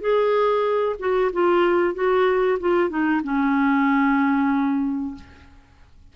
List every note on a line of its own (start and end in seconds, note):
0.00 0.96 G#4
0.99 1.31 F#4
1.33 1.94 F4
1.94 2.58 F#4
2.60 2.89 F4
2.89 3.21 D#4
3.23 5.15 C#4